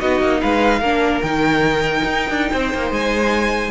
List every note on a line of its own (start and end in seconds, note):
0.00 0.22 B3
0.00 0.81 D#4
0.00 0.40 F#4
0.00 0.41 D#5
0.22 0.42 A#3
0.41 0.81 G#3
0.41 0.80 B4
0.41 1.21 F5
0.80 1.21 A#3
0.80 1.24 D4
0.80 2.51 A#4
1.22 2.03 D#3
1.22 3.71 D#4
1.22 2.93 G5
2.04 2.30 D#4
2.30 2.50 D4
2.53 2.74 C4
2.53 3.71 C5
2.74 2.91 A#3
2.91 3.71 G#3
2.91 3.71 G#5